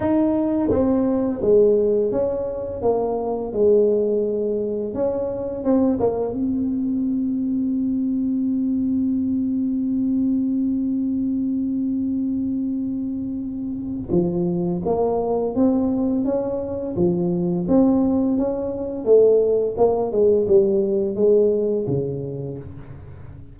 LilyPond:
\new Staff \with { instrumentName = "tuba" } { \time 4/4 \tempo 4 = 85 dis'4 c'4 gis4 cis'4 | ais4 gis2 cis'4 | c'8 ais8 c'2.~ | c'1~ |
c'1 | f4 ais4 c'4 cis'4 | f4 c'4 cis'4 a4 | ais8 gis8 g4 gis4 cis4 | }